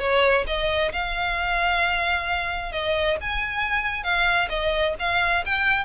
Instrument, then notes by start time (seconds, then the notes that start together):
violin
0.00 C#5
0.47 D#5
0.92 F5
2.73 D#5
3.21 G#5
4.04 F5
4.50 D#5
5.00 F5
5.46 G5